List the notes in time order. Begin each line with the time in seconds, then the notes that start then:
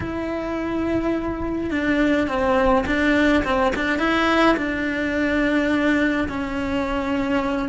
0.00 E4
1.70 D4
2.27 C4
2.86 D4
3.44 C4
3.75 D4
3.98 E4
4.56 D4
6.28 C#4